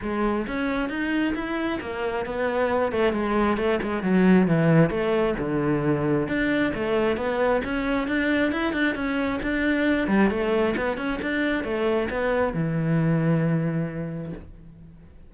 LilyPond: \new Staff \with { instrumentName = "cello" } { \time 4/4 \tempo 4 = 134 gis4 cis'4 dis'4 e'4 | ais4 b4. a8 gis4 | a8 gis8 fis4 e4 a4 | d2 d'4 a4 |
b4 cis'4 d'4 e'8 d'8 | cis'4 d'4. g8 a4 | b8 cis'8 d'4 a4 b4 | e1 | }